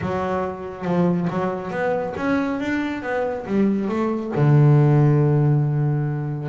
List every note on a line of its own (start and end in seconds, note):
0.01 0.84 F#3
0.84 1.27 F3
1.29 1.71 F#3
1.71 2.14 B3
2.16 2.60 C#4
2.60 3.02 D4
3.02 3.45 B3
3.46 3.88 G3
3.88 4.31 A3
4.35 6.48 D3